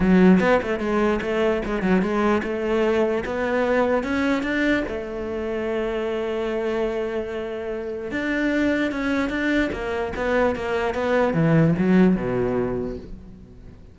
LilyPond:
\new Staff \with { instrumentName = "cello" } { \time 4/4 \tempo 4 = 148 fis4 b8 a8 gis4 a4 | gis8 fis8 gis4 a2 | b2 cis'4 d'4 | a1~ |
a1 | d'2 cis'4 d'4 | ais4 b4 ais4 b4 | e4 fis4 b,2 | }